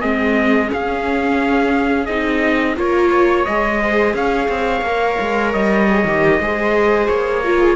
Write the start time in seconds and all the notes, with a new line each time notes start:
0.00 G#3 C4 G#4 D#5
0.68 C#4 F5
2.06 C4 D#4 D#5
2.77 A#3 F4 A#4 C#5
3.11 C#5
3.45 G#3 G#4 D#5
3.80 C5
4.14 C#4 C#5 F5
4.49 C4
4.81 A#3 A#4
5.20 G#3
5.53 G3 D#5
5.89 G#4
6.04 D#3 G4
6.39 G#3 G#4 C5
7.07 A#3 C#5
7.44 F4 A#4
7.59 G#4